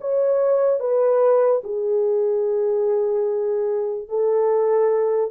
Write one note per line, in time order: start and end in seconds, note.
0.00 0.79 C#5
0.79 1.61 B4
1.63 4.08 G#4
4.08 5.31 A4